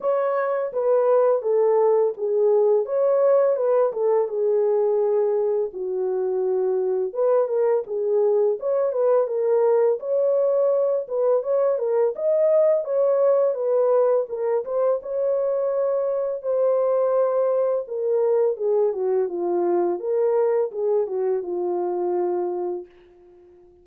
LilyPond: \new Staff \with { instrumentName = "horn" } { \time 4/4 \tempo 4 = 84 cis''4 b'4 a'4 gis'4 | cis''4 b'8 a'8 gis'2 | fis'2 b'8 ais'8 gis'4 | cis''8 b'8 ais'4 cis''4. b'8 |
cis''8 ais'8 dis''4 cis''4 b'4 | ais'8 c''8 cis''2 c''4~ | c''4 ais'4 gis'8 fis'8 f'4 | ais'4 gis'8 fis'8 f'2 | }